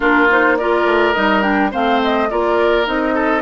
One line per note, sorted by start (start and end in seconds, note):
0.00 0.85 A#3
0.00 0.28 D4
0.00 0.57 F4
0.00 0.29 A#4
0.29 0.58 D#4
0.29 0.57 C5
0.57 1.15 F4
0.57 1.71 A#4
0.57 1.13 D5
0.85 1.13 A3
1.13 1.73 G3
1.13 1.42 D#4
1.13 1.42 D#5
1.42 1.70 D4
1.42 1.70 G5
1.71 2.31 A3
1.71 2.28 C4
1.71 2.28 C5
1.71 2.02 F5
2.03 2.29 D#5
2.29 2.87 A#3
2.29 2.84 F4
2.29 3.14 A#4
2.29 2.86 D5
2.84 3.41 C4
2.84 3.41 D#4
2.84 3.41 D#5
3.14 3.41 A4